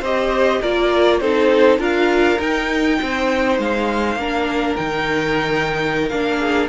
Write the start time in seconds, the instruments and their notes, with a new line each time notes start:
0.00 cello C4, viola G4, violin C5 D#5
0.62 cello A#3, viola F4, violin A#4 D5
1.20 cello C4, viola D#4, violin A4 C5
1.79 cello D4, viola F4, violin A#4 F5
2.40 viola D#4, cello D#4, violin G5
3.02 cello C4, violin C5
3.58 cello G#3, violin F5
4.16 cello A#3, viola D4, violin A#4
4.76 cello D#3, viola D#4, violin G5
6.09 cello A#3, viola D4, violin F5
6.38 violin G#4